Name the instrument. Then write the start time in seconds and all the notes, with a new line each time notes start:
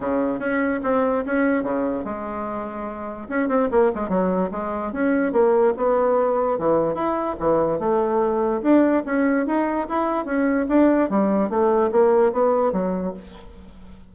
bassoon
0.00 C#3
0.39 C#4
0.83 C4
1.25 C#4
1.63 C#3
2.04 G#3
3.28 C#4
3.48 C4
3.71 A#3
3.94 G#3
4.09 F#3
4.51 G#3
4.92 C#4
5.32 A#3
5.76 B3
6.58 E3
6.94 E4
7.39 E3
7.79 A3
8.62 D4
9.05 C#4
9.46 D#4
9.88 E4
10.25 C#4
10.68 D4
11.09 G3
11.49 A3
11.91 A#3
12.32 B3
12.72 F#3